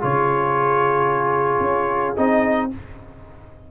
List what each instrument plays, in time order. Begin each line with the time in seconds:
0.00 tuba C#3, trombone F4, horn G#4, trumpet C#5
1.60 tuba C#4
2.16 tuba C4, trombone D#4, trumpet D#5